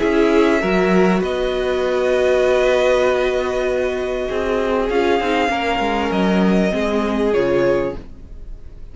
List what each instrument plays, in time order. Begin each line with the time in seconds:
0.00 cello C#4, viola E4, violin G#4 E5
0.61 cello F#3, viola F#4, violin A#4
1.20 cello B3, violin B4 D#5
4.29 cello C4, violin G#4
4.90 cello C#4, viola F4, violin F5
5.20 cello C4, viola D#4
5.48 cello A#3, viola C#4, violin A#4
5.80 cello G#3
6.12 cello F#3, violin D#5
6.71 cello G#3, viola C4, violin G#4
7.33 cello C#3, viola F4, violin C#5